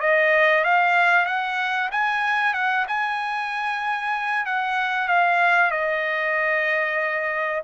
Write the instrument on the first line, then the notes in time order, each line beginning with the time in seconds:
trumpet
0.00 D#5
0.64 F5
1.26 F#5
1.91 G#5
2.53 F#5
2.87 G#5
4.46 F#5
5.08 F5
5.70 D#5